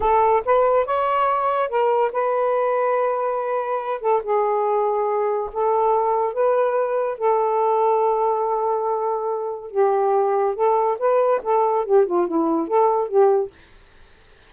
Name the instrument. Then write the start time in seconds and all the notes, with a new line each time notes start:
saxophone
0.00 A4
0.45 B4
0.85 C#5
1.69 A#4
2.12 B4
4.00 A4
4.23 G#4
5.52 A4
6.33 B4
7.18 A4
9.70 G4
10.55 A4
10.99 B4
11.42 A4
11.85 G4
12.06 F4
12.27 E4
12.67 A4
13.08 G4